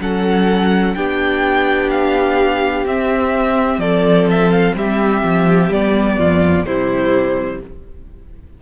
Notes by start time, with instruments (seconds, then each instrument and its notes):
0.00 cello F#3, viola C#4, violin A4 F#5
0.94 cello B3, viola D4, violin G4 G5
1.91 violin F5
2.86 viola C4, cello C4, violin E5
3.78 cello F3, violin A4 D5
4.31 violin E5
4.51 violin F5
4.75 cello G3, violin G4 E5
5.23 cello F3
5.70 cello G3, viola B3, violin D5
6.18 cello F2, violin F4
6.65 cello C3, viola G3, violin E4 C5